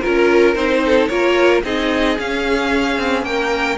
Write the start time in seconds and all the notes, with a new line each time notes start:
0.00 F4 A#4
0.06 C#4
0.55 C4 D#4 C5
0.85 A4
1.08 A#3 F4 A#4 C#5
1.64 C4 D#4 G#4 D#5
2.18 C#4 F5
2.98 C4
3.23 A#3 A#4 G5